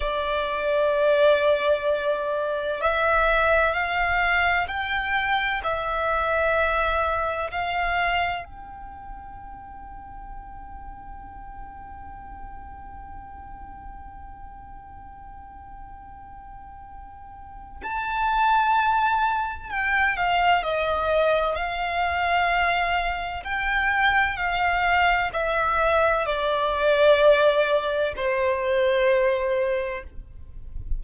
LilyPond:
\new Staff \with { instrumentName = "violin" } { \time 4/4 \tempo 4 = 64 d''2. e''4 | f''4 g''4 e''2 | f''4 g''2.~ | g''1~ |
g''2. a''4~ | a''4 g''8 f''8 dis''4 f''4~ | f''4 g''4 f''4 e''4 | d''2 c''2 | }